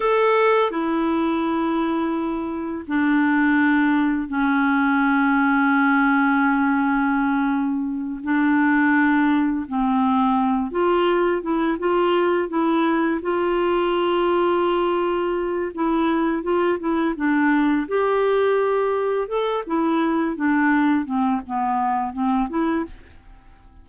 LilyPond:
\new Staff \with { instrumentName = "clarinet" } { \time 4/4 \tempo 4 = 84 a'4 e'2. | d'2 cis'2~ | cis'2.~ cis'8 d'8~ | d'4. c'4. f'4 |
e'8 f'4 e'4 f'4.~ | f'2 e'4 f'8 e'8 | d'4 g'2 a'8 e'8~ | e'8 d'4 c'8 b4 c'8 e'8 | }